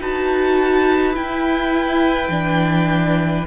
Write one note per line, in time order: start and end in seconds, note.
0.00 1.15 D#4
0.00 1.13 F#4
0.00 3.46 B4
0.00 1.15 A5
1.13 2.29 E4
1.13 3.46 G5
2.29 3.44 E3
2.29 3.45 D4